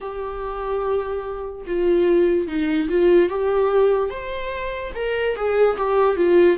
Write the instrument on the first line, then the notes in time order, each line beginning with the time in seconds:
viola
0.00 G4
1.66 F4
2.47 D#4
2.88 F4
3.29 G4
4.10 C5
4.95 A#4
5.35 G#4
5.77 G4
6.16 F4